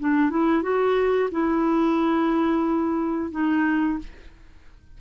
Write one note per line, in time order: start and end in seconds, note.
0.00 0.30 D4
0.30 0.63 E4
0.63 1.30 F#4
1.31 3.32 E4
3.32 3.99 D#4